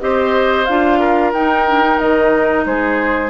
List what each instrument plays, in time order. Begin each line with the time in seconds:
0.00 bassoon C4, clarinet G4, oboe C5, flute D#5
0.65 bassoon D4, clarinet F4, flute F5
0.99 oboe A#4
1.33 bassoon D#4, clarinet D#4, flute G5
1.68 clarinet D4
1.81 clarinet D#4
1.99 bassoon D#3, flute D#5
2.65 bassoon G#3, oboe G#4, flute C5